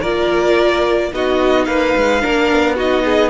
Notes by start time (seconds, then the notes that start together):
0.00 A#3 F4 A#4 D5
1.12 B3 D#4 F#4 D#5
1.65 A#3 B4 F5
1.96 G#3
2.21 A#3 D4 A#4
2.51 B3
2.75 D#4 F#4 D#5
3.04 G#4